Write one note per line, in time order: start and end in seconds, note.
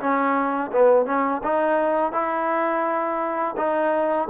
0.00 0.71 C#4
0.73 1.06 B3
1.06 1.42 C#4
1.44 2.13 D#4
2.13 3.56 E4
3.57 4.29 D#4